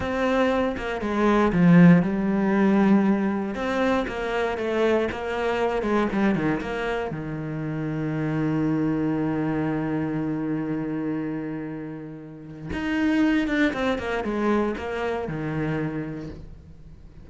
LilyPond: \new Staff \with { instrumentName = "cello" } { \time 4/4 \tempo 4 = 118 c'4. ais8 gis4 f4 | g2. c'4 | ais4 a4 ais4. gis8 | g8 dis8 ais4 dis2~ |
dis1~ | dis1~ | dis4 dis'4. d'8 c'8 ais8 | gis4 ais4 dis2 | }